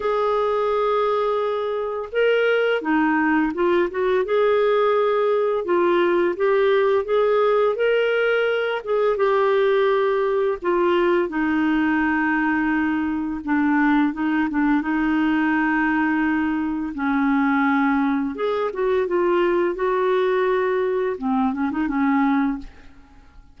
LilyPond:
\new Staff \with { instrumentName = "clarinet" } { \time 4/4 \tempo 4 = 85 gis'2. ais'4 | dis'4 f'8 fis'8 gis'2 | f'4 g'4 gis'4 ais'4~ | ais'8 gis'8 g'2 f'4 |
dis'2. d'4 | dis'8 d'8 dis'2. | cis'2 gis'8 fis'8 f'4 | fis'2 c'8 cis'16 dis'16 cis'4 | }